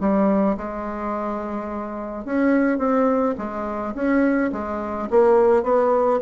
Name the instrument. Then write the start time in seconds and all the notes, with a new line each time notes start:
bassoon
0.00 G3
0.57 G#3
2.25 C#4
2.78 C4
3.38 G#3
3.94 C#4
4.52 G#3
5.10 A#3
5.63 B3